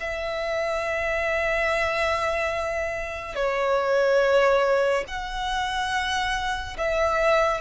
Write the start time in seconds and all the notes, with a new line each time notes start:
0.00 E5
3.35 C#5
5.07 F#5
6.77 E5